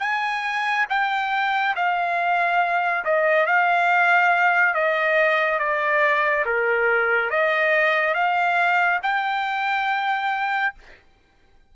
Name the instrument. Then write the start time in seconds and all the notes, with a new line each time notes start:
trumpet
0.00 G#5
0.89 G5
1.76 F5
3.04 D#5
3.46 F5
4.74 D#5
5.59 D5
6.45 A#4
7.30 D#5
8.14 F5
9.03 G5